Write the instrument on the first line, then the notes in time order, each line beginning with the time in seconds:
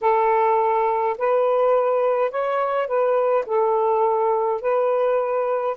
saxophone
0.01 A4
1.18 B4
2.31 C#5
2.87 B4
3.46 A4
4.61 B4